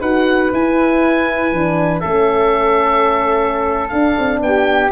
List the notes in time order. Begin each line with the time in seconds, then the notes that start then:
0.00 D#4 F#4 B4 F#5
0.52 E4 G#5
1.52 E3 D4
2.00 A3 C#4 A4 E5
3.88 D4 F5
4.18 C4
4.41 B3 G4 G5